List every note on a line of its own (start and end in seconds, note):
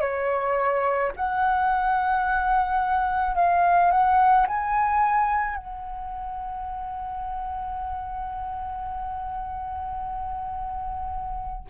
0.00 1.11 C#5
1.16 3.35 F#5
3.35 3.91 F5
3.91 4.46 F#5
4.47 5.55 G#5
5.55 11.66 F#5